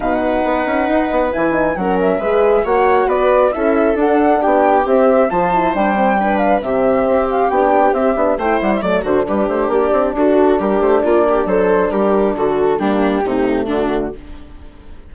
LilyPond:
<<
  \new Staff \with { instrumentName = "flute" } { \time 4/4 \tempo 4 = 136 fis''2. gis''4 | fis''8 e''4. fis''4 d''4 | e''4 fis''4 g''4 e''4 | a''4 g''4. f''8 e''4~ |
e''8 f''8 g''4 e''4 g''8 fis''16 e''16 | d''8 c''8 b'8 c''8 d''4 a'4 | ais'8 c''8 d''4 c''4 ais'4 | a'4 g'2 fis'4 | }
  \new Staff \with { instrumentName = "viola" } { \time 4/4 b'1 | ais'4 b'4 cis''4 b'4 | a'2 g'2 | c''2 b'4 g'4~ |
g'2. c''4 | d''8 fis'8 g'2 fis'4 | g'4 f'8 g'8 a'4 g'4 | fis'4 d'4 dis'4 d'4 | }
  \new Staff \with { instrumentName = "horn" } { \time 4/4 dis'2. e'8 dis'8 | cis'4 gis'4 fis'2 | e'4 d'2 c'4 | f'8 e'8 d'8 c'8 d'4 c'4~ |
c'4 d'4 c'8 d'8 e'4 | a8 d'2.~ d'8~ | d'1~ | d'4 ais4 a2 | }
  \new Staff \with { instrumentName = "bassoon" } { \time 4/4 b,4 b8 cis'8 dis'8 b8 e4 | fis4 gis4 ais4 b4 | cis'4 d'4 b4 c'4 | f4 g2 c4 |
c'4 b4 c'8 b8 a8 g8 | fis8 d8 g8 a8 ais8 c'8 d'4 | g8 a8 ais4 fis4 g4 | d4 g4 c4 d4 | }
>>